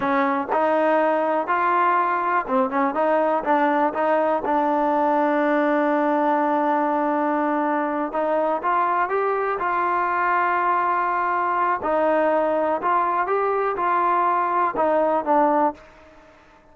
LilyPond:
\new Staff \with { instrumentName = "trombone" } { \time 4/4 \tempo 4 = 122 cis'4 dis'2 f'4~ | f'4 c'8 cis'8 dis'4 d'4 | dis'4 d'2.~ | d'1~ |
d'8 dis'4 f'4 g'4 f'8~ | f'1 | dis'2 f'4 g'4 | f'2 dis'4 d'4 | }